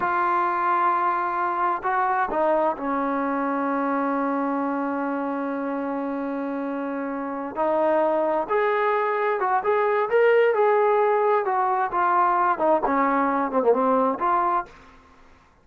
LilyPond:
\new Staff \with { instrumentName = "trombone" } { \time 4/4 \tempo 4 = 131 f'1 | fis'4 dis'4 cis'2~ | cis'1~ | cis'1~ |
cis'8 dis'2 gis'4.~ | gis'8 fis'8 gis'4 ais'4 gis'4~ | gis'4 fis'4 f'4. dis'8 | cis'4. c'16 ais16 c'4 f'4 | }